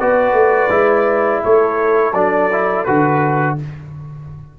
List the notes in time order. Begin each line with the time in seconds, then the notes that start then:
0.00 B3 F#4 B4 D5
0.33 A3
0.70 G#3 E4
1.44 A3 A4 C#5
2.14 F#3 D4 D5
2.53 E4
2.85 D3 F#4 B4